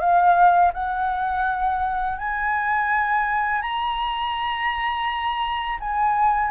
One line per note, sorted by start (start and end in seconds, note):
0.00 0.72 F5
0.74 2.18 F#5
2.18 3.62 G#5
3.62 5.79 A#5
5.80 6.51 G#5